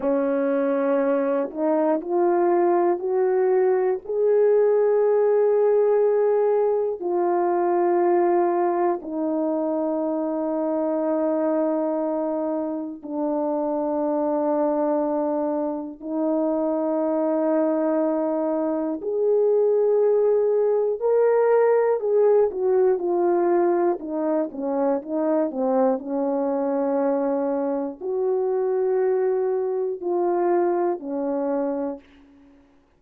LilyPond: \new Staff \with { instrumentName = "horn" } { \time 4/4 \tempo 4 = 60 cis'4. dis'8 f'4 fis'4 | gis'2. f'4~ | f'4 dis'2.~ | dis'4 d'2. |
dis'2. gis'4~ | gis'4 ais'4 gis'8 fis'8 f'4 | dis'8 cis'8 dis'8 c'8 cis'2 | fis'2 f'4 cis'4 | }